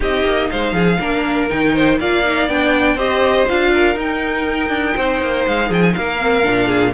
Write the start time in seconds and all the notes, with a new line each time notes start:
0.00 C4 D#4 G4 D#5
0.24 A#3
0.50 G#3 C5 F5
0.72 F3 G#4
0.99 A#3 D4 A#4
1.49 D#3 D#4 G5
1.74 C5
1.99 A#3 F4 D5 F5
2.24 D#4
2.47 B3 D4 G5
2.95 C4 G4 C5 D#5
3.48 D4 F4 F5
3.73 A#4
3.95 D#4 G5
4.69 D4
4.96 C4 C5
5.21 A#3
5.47 G#3 F5
5.68 F3 G#4 G5
5.82 G#5
5.93 A#3 A#4 F5
6.18 C4
6.42 A#2 D4
6.67 G#4